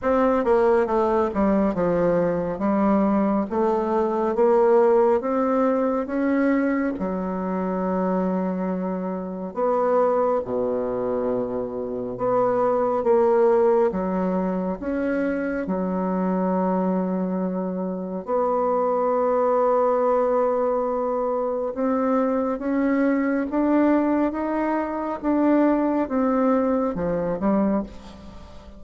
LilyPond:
\new Staff \with { instrumentName = "bassoon" } { \time 4/4 \tempo 4 = 69 c'8 ais8 a8 g8 f4 g4 | a4 ais4 c'4 cis'4 | fis2. b4 | b,2 b4 ais4 |
fis4 cis'4 fis2~ | fis4 b2.~ | b4 c'4 cis'4 d'4 | dis'4 d'4 c'4 f8 g8 | }